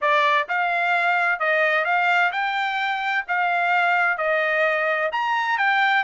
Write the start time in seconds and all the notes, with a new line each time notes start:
0.01 D5
0.48 F5
1.39 D#5
1.85 F5
2.32 G5
3.27 F5
4.17 D#5
5.11 A#5
5.58 G5